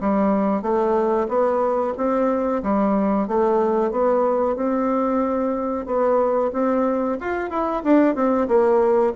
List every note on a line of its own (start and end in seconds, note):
0.00 0.62 G3
0.62 1.27 A3
1.28 1.94 B3
1.97 2.62 C4
2.63 3.28 G3
3.28 3.91 A3
3.91 4.56 B3
4.56 5.86 C4
5.86 6.51 B3
6.52 7.18 C4
7.20 7.50 F4
7.50 7.82 E4
7.83 8.15 D4
8.15 8.48 C4
8.48 9.13 A#3